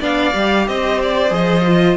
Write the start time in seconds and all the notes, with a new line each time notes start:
0.00 B3 D4 D5 F5
0.34 G3 G4
0.68 C4 C5 D#5
1.03 D5
1.30 F3 G#4 D#5
1.67 F4